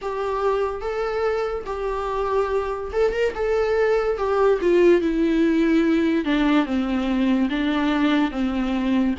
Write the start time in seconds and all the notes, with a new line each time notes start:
0.02 G4
0.81 A4
1.66 G4
2.92 A4
3.12 A#4
3.34 A4
4.17 G4
4.61 F4
5.01 E4
6.25 D4
6.65 C4
7.49 D4
8.31 C4